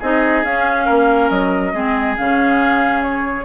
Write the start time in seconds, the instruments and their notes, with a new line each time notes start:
0.00 bassoon C4, clarinet D#4, oboe G#4, flute D#5
0.44 bassoon C#4, clarinet C#4, flute F5
0.85 bassoon A#3, oboe A#4
1.30 bassoon F#3, flute D#5
1.73 bassoon G#3, clarinet C4, oboe G#4
2.17 bassoon C#3, clarinet C#4, flute F5
3.03 flute C#5